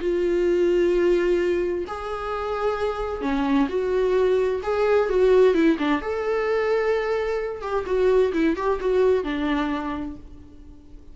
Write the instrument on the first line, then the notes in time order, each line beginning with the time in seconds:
viola
0.00 F4
1.87 G#4
3.21 C#4
3.69 F#4
4.63 G#4
5.09 F#4
5.54 E4
5.78 D4
6.01 A4
7.61 G4
7.86 F#4
8.33 E4
8.56 G4
8.80 F#4
9.23 D4